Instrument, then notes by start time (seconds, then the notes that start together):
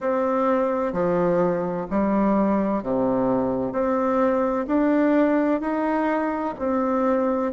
bassoon
0.00 C4
0.92 F3
1.90 G3
2.83 C3
3.72 C4
4.67 D4
5.60 D#4
6.58 C4